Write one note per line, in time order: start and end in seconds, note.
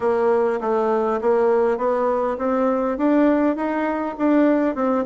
0.00 0.59 A#3
0.60 1.20 A3
1.21 1.77 A#3
1.77 2.37 B3
2.38 2.97 C4
2.97 3.55 D4
3.55 4.15 D#4
4.17 4.75 D4
4.75 5.04 C4